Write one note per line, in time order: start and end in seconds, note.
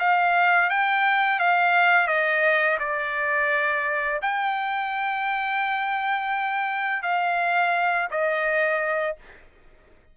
0.00 0.70 F5
0.70 1.40 G5
1.40 2.08 F5
2.08 2.79 D#5
2.80 4.21 D5
4.23 7.03 G5
7.03 8.09 F5
8.11 9.17 D#5